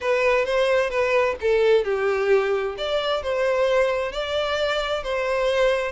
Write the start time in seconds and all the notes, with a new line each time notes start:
0.00 B4
0.45 C5
0.89 B4
1.41 A4
1.84 G4
2.77 D5
3.22 C5
4.12 D5
5.03 C5